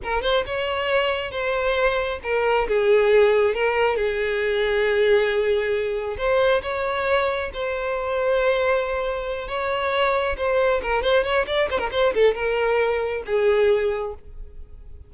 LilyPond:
\new Staff \with { instrumentName = "violin" } { \time 4/4 \tempo 4 = 136 ais'8 c''8 cis''2 c''4~ | c''4 ais'4 gis'2 | ais'4 gis'2.~ | gis'2 c''4 cis''4~ |
cis''4 c''2.~ | c''4. cis''2 c''8~ | c''8 ais'8 c''8 cis''8 d''8 c''16 ais'16 c''8 a'8 | ais'2 gis'2 | }